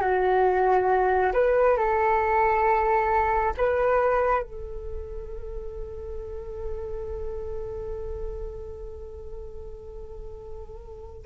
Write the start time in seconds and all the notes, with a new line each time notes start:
0.00 F#4
1.33 B4
1.77 A4
3.57 B4
4.42 A4